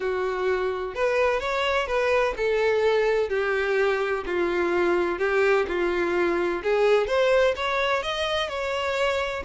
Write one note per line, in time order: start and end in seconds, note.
0.00 0.94 F#4
0.94 1.40 B4
1.40 1.87 C#5
1.87 2.34 B4
2.36 3.29 A4
3.29 4.23 G4
4.26 5.18 F4
5.18 5.66 G4
5.67 6.62 F4
6.63 7.07 G#4
7.07 7.54 C5
7.56 8.02 C#5
8.02 8.48 D#5
8.48 9.43 C#5